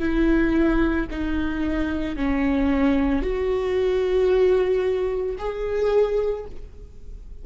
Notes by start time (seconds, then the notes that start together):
0.00 E4
1.11 D#4
2.17 C#4
3.22 F#4
5.39 G#4